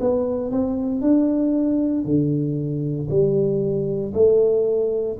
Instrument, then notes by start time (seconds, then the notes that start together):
tuba
0.00 B3
0.51 C4
1.02 D4
2.05 D3
3.09 G3
4.14 A3